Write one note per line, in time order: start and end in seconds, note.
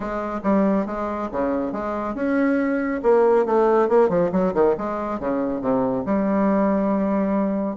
0.00 0.40 G#3
0.43 0.86 G3
0.86 1.29 G#3
1.31 1.72 C#3
1.72 2.15 G#3
2.15 3.01 C#4
3.02 3.45 A#3
3.45 3.88 A3
3.88 4.09 A#3
4.09 4.30 F3
4.32 4.53 F#3
4.54 4.75 D#3
4.77 5.19 G#3
5.19 5.61 C#3
5.61 6.04 C3
6.05 7.76 G3